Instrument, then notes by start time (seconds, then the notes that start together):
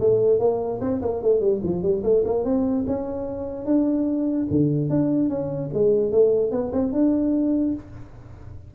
tuba
0.00 A3
0.39 A#3
0.81 C4
1.01 A#3
1.22 A3
1.40 G3
1.63 F3
1.82 G3
2.03 A3
2.24 A#3
2.44 C4
2.87 C#4
3.66 D4
4.50 D3
4.89 D4
5.29 C#4
5.73 G#3
6.11 A3
6.51 B3
6.72 C4
6.92 D4